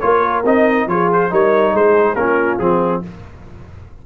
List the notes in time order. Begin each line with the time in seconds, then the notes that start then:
0.00 A#3 F4 A#4 C#5
0.45 C4 D#4 D#5
0.87 F3 F4 G#4 C#5
1.13 C5
1.30 G3 D#4 A#4 C#5
1.74 G#3 G#4 C5
2.15 A#3 C#4 F4 A#4
2.59 F3 C4 G#4